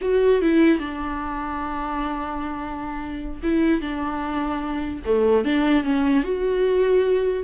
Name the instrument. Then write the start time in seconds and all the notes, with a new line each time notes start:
viola
0.01 F#4
0.41 E4
0.79 D4
3.42 E4
3.81 D4
5.05 A3
5.45 D4
5.83 C#4
6.23 F#4